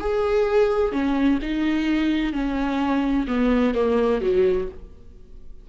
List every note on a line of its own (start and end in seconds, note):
0.00 0.92 G#4
0.92 1.39 C#4
1.42 2.33 D#4
2.33 3.27 C#4
3.28 3.74 B3
3.74 4.21 A#3
4.21 4.68 F#3